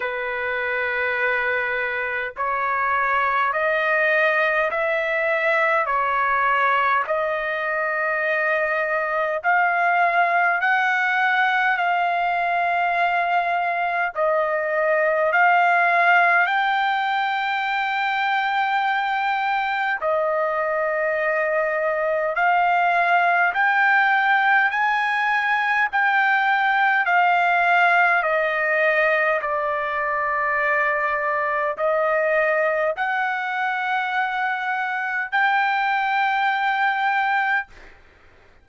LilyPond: \new Staff \with { instrumentName = "trumpet" } { \time 4/4 \tempo 4 = 51 b'2 cis''4 dis''4 | e''4 cis''4 dis''2 | f''4 fis''4 f''2 | dis''4 f''4 g''2~ |
g''4 dis''2 f''4 | g''4 gis''4 g''4 f''4 | dis''4 d''2 dis''4 | fis''2 g''2 | }